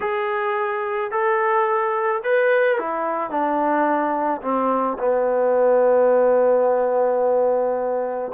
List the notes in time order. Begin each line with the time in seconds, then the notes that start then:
0.00 G#4
1.11 A4
2.23 B4
2.78 E4
3.30 D4
4.42 C4
4.98 B3